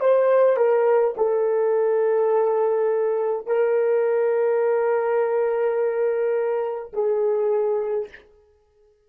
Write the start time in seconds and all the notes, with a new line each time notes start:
0.00 C5
0.57 A#4
1.17 A4
3.46 A#4
6.93 G#4